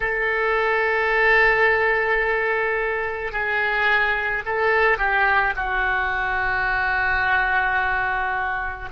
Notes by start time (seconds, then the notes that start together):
0.00 A4
3.31 G#4
4.45 A4
4.97 G4
5.56 F#4